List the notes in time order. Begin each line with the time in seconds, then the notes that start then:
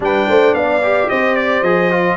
0.00 G3 D4 B4 G5
0.28 A3 C5
0.53 B3 D5 F5
0.83 G4
1.09 C4 C5 D#5
1.36 D5
1.61 F3 G#4 D#5
1.91 F4